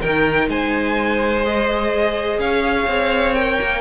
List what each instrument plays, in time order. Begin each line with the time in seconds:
0.00 cello D#3, viola D#4, violin A#4 G5
0.48 cello G#3, violin C5 G#5
1.44 viola G#4, violin D#5
2.38 cello C#4, violin C#5 F5
2.87 cello C4
3.34 viola A#4, violin G5
3.60 cello A#3